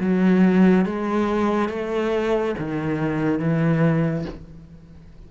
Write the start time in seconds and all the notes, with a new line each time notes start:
0.00 F#3
0.86 G#3
1.69 A3
2.58 D#3
3.40 E3